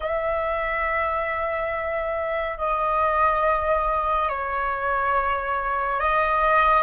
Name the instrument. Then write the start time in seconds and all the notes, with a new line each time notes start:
flute
0.00 E5
2.57 D#5
4.29 C#5
6.00 D#5